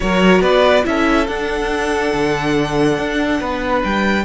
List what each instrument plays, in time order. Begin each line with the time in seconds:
0.00 cello F#3, viola F#4, violin A#4 C#5
0.41 cello B3, violin B4 D5
0.84 cello C#4, viola E4, violin A4 E5
1.27 cello D4, viola D4, violin F#5
2.13 cello D3
2.98 cello D4
3.40 cello B3, violin B4
3.84 cello G3, violin G5